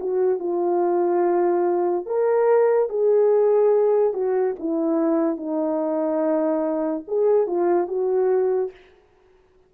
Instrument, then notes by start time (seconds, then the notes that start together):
horn
0.00 F#4
0.39 F4
2.06 A#4
2.89 G#4
4.13 F#4
4.59 E4
5.37 D#4
7.08 G#4
7.47 F4
7.87 F#4